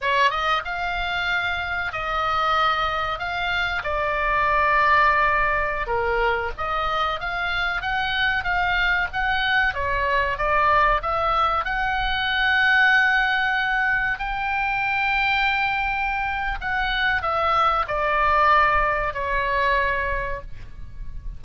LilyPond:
\new Staff \with { instrumentName = "oboe" } { \time 4/4 \tempo 4 = 94 cis''8 dis''8 f''2 dis''4~ | dis''4 f''4 d''2~ | d''4~ d''16 ais'4 dis''4 f''8.~ | f''16 fis''4 f''4 fis''4 cis''8.~ |
cis''16 d''4 e''4 fis''4.~ fis''16~ | fis''2~ fis''16 g''4.~ g''16~ | g''2 fis''4 e''4 | d''2 cis''2 | }